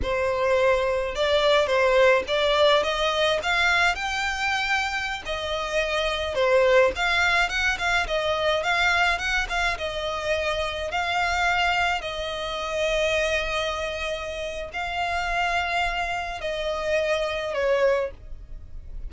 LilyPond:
\new Staff \with { instrumentName = "violin" } { \time 4/4 \tempo 4 = 106 c''2 d''4 c''4 | d''4 dis''4 f''4 g''4~ | g''4~ g''16 dis''2 c''8.~ | c''16 f''4 fis''8 f''8 dis''4 f''8.~ |
f''16 fis''8 f''8 dis''2 f''8.~ | f''4~ f''16 dis''2~ dis''8.~ | dis''2 f''2~ | f''4 dis''2 cis''4 | }